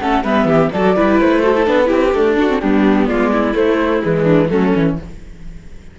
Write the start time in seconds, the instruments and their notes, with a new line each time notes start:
0.00 cello A3, viola C#4, violin A4, flute F#5
0.23 cello G3, viola B3, violin B4, flute E5
0.45 cello E3, violin G4
0.72 cello F#3, viola F#4, violin A4, flute D5
0.96 cello G3, viola E4, violin B4
1.20 cello A3, flute C5
1.41 viola F#4, violin A4
1.56 viola E4
1.66 cello B3, viola D4, flute B4
1.86 cello C4, viola E4, violin G4
2.13 viola A3, cello D4, flute A4
2.37 viola D4, violin F#4
2.48 viola C4
2.60 cello G3, viola B3, violin D4, flute G4
3.07 cello G#3, violin F4, flute D5
3.32 violin E4
3.53 viola A3, cello A3, flute C5
4.02 cello E3, viola G#3, flute B4
4.23 violin D4
4.49 cello F#3, viola A3, violin C#4, flute A4
4.73 cello E3, viola C#4